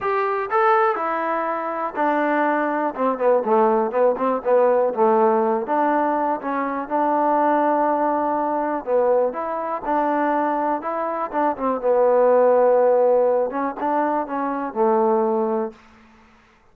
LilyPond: \new Staff \with { instrumentName = "trombone" } { \time 4/4 \tempo 4 = 122 g'4 a'4 e'2 | d'2 c'8 b8 a4 | b8 c'8 b4 a4. d'8~ | d'4 cis'4 d'2~ |
d'2 b4 e'4 | d'2 e'4 d'8 c'8 | b2.~ b8 cis'8 | d'4 cis'4 a2 | }